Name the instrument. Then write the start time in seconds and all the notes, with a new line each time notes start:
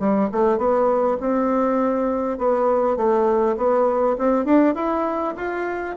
bassoon
0.00 G3
0.32 A3
0.58 B3
1.21 C4
2.39 B3
2.97 A3
3.58 B3
4.19 C4
4.46 D4
4.75 E4
5.37 F4